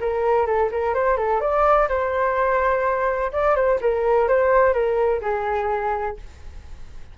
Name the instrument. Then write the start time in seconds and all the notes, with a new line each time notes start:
flute
0.00 A#4
0.46 A4
0.71 A#4
0.94 C5
1.17 A4
1.40 D5
1.89 C5
3.32 D5
3.55 C5
3.81 A#4
4.28 C5
4.73 A#4
5.21 G#4